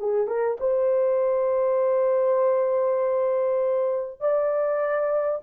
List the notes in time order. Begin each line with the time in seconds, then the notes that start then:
0.00 G#4
0.28 A#4
0.60 C5
4.21 D5